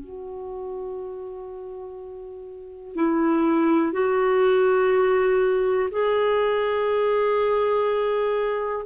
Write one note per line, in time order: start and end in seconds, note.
0.00 2.95 F#4
2.96 3.93 E4
3.93 5.89 F#4
5.92 8.86 G#4